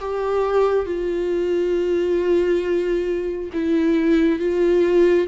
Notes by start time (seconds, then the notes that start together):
0.00 G4
0.85 F4
3.53 E4
4.39 F4